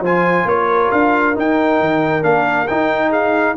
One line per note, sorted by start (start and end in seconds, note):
0.00 0.44 F3
0.00 1.34 F4
0.00 0.46 C5
0.00 0.48 G#5
0.45 0.89 A#3
0.45 3.09 A#4
0.45 0.91 C#5
0.91 1.36 D4
0.91 1.35 F5
1.34 2.22 D#4
1.34 1.80 D#4
1.34 2.23 G5
1.80 2.23 D#3
2.22 2.67 A#3
2.22 2.66 D4
2.22 2.67 F5
2.67 3.56 D#4
2.67 3.11 G5
3.09 3.53 G#4
3.09 3.56 F5